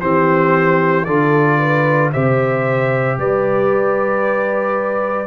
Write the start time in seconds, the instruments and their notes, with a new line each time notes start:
0.00 tuba E3, trombone C4, horn G4, trumpet C5
1.04 tuba D3, trombone F4, horn A4, trumpet D5
1.59 horn B4
2.12 tuba C3, trombone G4, horn C5, trumpet E5
3.17 tuba G3, horn B4, trumpet D5